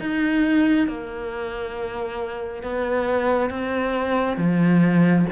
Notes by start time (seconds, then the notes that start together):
0.00 D#4
0.87 A#3
2.63 B3
3.50 C4
4.37 F3